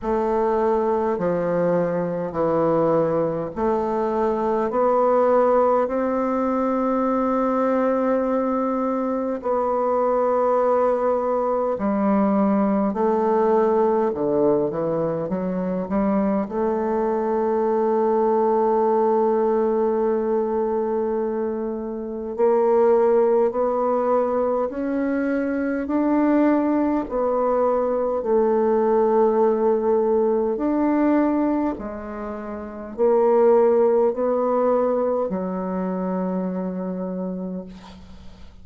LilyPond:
\new Staff \with { instrumentName = "bassoon" } { \time 4/4 \tempo 4 = 51 a4 f4 e4 a4 | b4 c'2. | b2 g4 a4 | d8 e8 fis8 g8 a2~ |
a2. ais4 | b4 cis'4 d'4 b4 | a2 d'4 gis4 | ais4 b4 fis2 | }